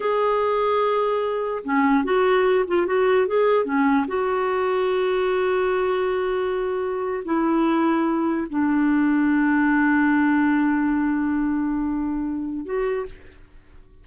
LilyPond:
\new Staff \with { instrumentName = "clarinet" } { \time 4/4 \tempo 4 = 147 gis'1 | cis'4 fis'4. f'8 fis'4 | gis'4 cis'4 fis'2~ | fis'1~ |
fis'4.~ fis'16 e'2~ e'16~ | e'8. d'2.~ d'16~ | d'1~ | d'2. fis'4 | }